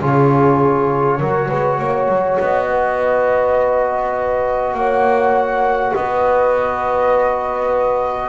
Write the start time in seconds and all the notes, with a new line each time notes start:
0.00 C#3 F4 G#4 C#5
1.19 F#3 F#4 A#4
1.48 G#3 B4
1.78 A#3 C#5
2.08 F#3
2.38 B3 D#5
2.69 B4
4.74 A#3 C#5 F#5
5.94 B3 B4 D#5